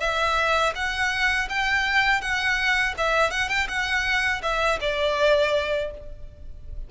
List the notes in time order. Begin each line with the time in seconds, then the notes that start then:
0.00 E5
0.75 F#5
1.49 G5
2.21 F#5
2.97 E5
3.31 F#5
3.49 G5
3.68 F#5
4.42 E5
4.81 D5